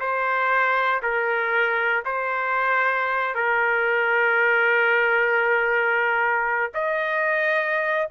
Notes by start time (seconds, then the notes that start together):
0.00 C5
1.02 A#4
2.05 C5
3.35 A#4
6.74 D#5